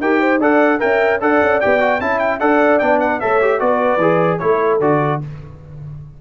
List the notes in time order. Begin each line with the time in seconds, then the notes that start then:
0.00 D#4 G4 A#4 G5
0.20 C5
0.39 D4 A4 D5 F#5
0.79 C#4 A#4 E5 G5
1.20 D4 A4 D5 F#5
1.42 C#4
1.60 B3 G4 G5
1.80 F#4
2.00 C#4 E4 E5 A5
2.19 G5
2.39 D4 A4 D5 F#5
2.79 B3 D4 G5
2.99 B4 F#5
3.20 A3 A4 C#5 E5
3.41 G4
3.59 B3 F#4 B4 D5
3.97 E3 G#4
4.38 A3 E4 A4 C#5
4.80 D3 F#4 D5